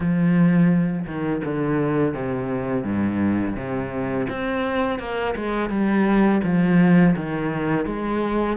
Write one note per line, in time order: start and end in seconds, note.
0.00 1.06 F3
1.06 1.42 D#3
1.44 2.14 D3
2.14 2.84 C3
2.84 3.55 G2
3.56 4.27 C3
4.29 4.99 C4
4.99 5.34 A#3
5.35 5.69 G#3
5.69 6.41 G3
6.43 7.15 F3
7.16 7.85 D#3
7.85 8.56 G#3